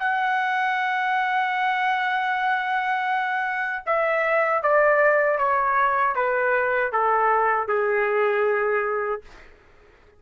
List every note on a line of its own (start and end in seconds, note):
0.00 3.85 F#5
3.87 4.63 E5
4.63 5.39 D5
5.39 6.16 C#5
6.16 6.93 B4
6.93 7.69 A4
7.69 9.22 G#4